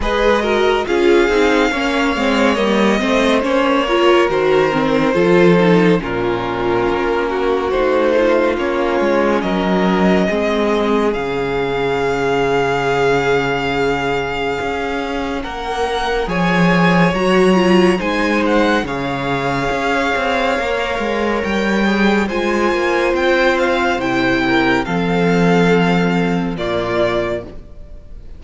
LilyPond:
<<
  \new Staff \with { instrumentName = "violin" } { \time 4/4 \tempo 4 = 70 dis''4 f''2 dis''4 | cis''4 c''2 ais'4~ | ais'4 c''4 cis''4 dis''4~ | dis''4 f''2.~ |
f''2 fis''4 gis''4 | ais''4 gis''8 fis''8 f''2~ | f''4 g''4 gis''4 g''8 f''8 | g''4 f''2 d''4 | }
  \new Staff \with { instrumentName = "violin" } { \time 4/4 b'8 ais'8 gis'4 cis''4. c''8~ | c''8 ais'4. a'4 f'4~ | f'8 fis'4 f'4. ais'4 | gis'1~ |
gis'2 ais'4 cis''4~ | cis''4 c''4 cis''2~ | cis''2 c''2~ | c''8 ais'8 a'2 f'4 | }
  \new Staff \with { instrumentName = "viola" } { \time 4/4 gis'8 fis'8 f'8 dis'8 cis'8 c'8 ais8 c'8 | cis'8 f'8 fis'8 c'8 f'8 dis'8 cis'4~ | cis'4 dis'4 cis'2 | c'4 cis'2.~ |
cis'2. gis'4 | fis'8 f'8 dis'4 gis'2 | ais'4. gis'8 f'2 | e'4 c'2 ais4 | }
  \new Staff \with { instrumentName = "cello" } { \time 4/4 gis4 cis'8 c'8 ais8 gis8 g8 a8 | ais4 dis4 f4 ais,4 | ais4 a4 ais8 gis8 fis4 | gis4 cis2.~ |
cis4 cis'4 ais4 f4 | fis4 gis4 cis4 cis'8 c'8 | ais8 gis8 g4 gis8 ais8 c'4 | c4 f2 ais,4 | }
>>